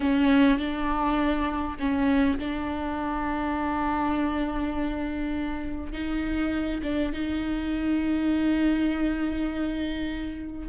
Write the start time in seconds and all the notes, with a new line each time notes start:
0.00 C#4
0.58 D4
1.79 C#4
2.38 D4
5.92 D#4
6.83 D4
7.13 D#4